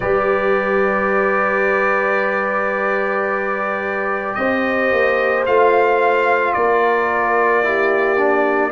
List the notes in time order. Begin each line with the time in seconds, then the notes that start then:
0.00 G3 G4 B4 D5
4.34 C4 C5 D#5
4.91 A#3
5.45 A3 F4 F5
6.53 A#3 A#4 D5
7.63 E4 G4
8.17 D4